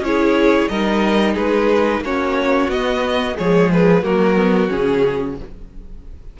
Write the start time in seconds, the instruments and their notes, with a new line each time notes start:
0.00 cello C#4, viola E4, violin C#5
0.07 violin G#4
0.69 cello G3, viola D#4, violin A#4 D#5
1.34 cello G#3, violin G#4 B4
2.01 cello A#3, viola C#4, violin F#4 C#5
2.68 cello B3, viola B3, violin D#5
3.35 cello F3, viola G#3, violin G#4 C#5
3.72 violin B4
4.03 cello F#3, viola A#3, violin F#4 A#4
4.36 viola B3
4.69 cello C#3, viola C#4, violin G#4